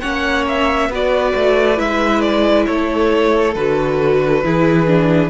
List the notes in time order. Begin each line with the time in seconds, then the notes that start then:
0.00 A#3 C#4 C#5 F#5
0.48 E5
0.88 B3 F#4 B4 D5
1.35 A3
1.76 G#3 E4 E5
2.20 D5
2.66 A3 A4 C#5
3.55 D3 F#4 B4
4.44 E3 E4 G#4
4.87 D4